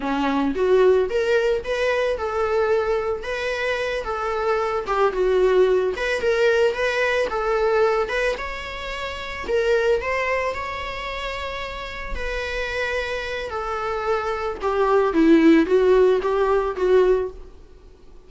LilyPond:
\new Staff \with { instrumentName = "viola" } { \time 4/4 \tempo 4 = 111 cis'4 fis'4 ais'4 b'4 | a'2 b'4. a'8~ | a'4 g'8 fis'4. b'8 ais'8~ | ais'8 b'4 a'4. b'8 cis''8~ |
cis''4. ais'4 c''4 cis''8~ | cis''2~ cis''8 b'4.~ | b'4 a'2 g'4 | e'4 fis'4 g'4 fis'4 | }